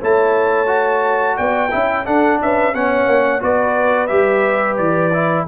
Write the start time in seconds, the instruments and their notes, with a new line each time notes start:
0.00 tuba A3, trombone E4, horn C#5, trumpet A5
0.67 trombone F#4
1.37 tuba B3, horn D5, trumpet G5
1.71 tuba C#4, trombone E4, horn E5
2.06 trombone D4, tuba D4, horn A4, trumpet F#5
2.41 tuba C#4, horn B4, trumpet E5
2.74 tuba B3, trombone C#4, horn C#5, trumpet F#5
3.07 tuba A#3
3.40 tuba B3, trombone F#4, horn B4, trumpet D5
4.07 tuba G3, trombone G4, trumpet E5
4.77 tuba E3, trumpet D5
5.13 trombone E4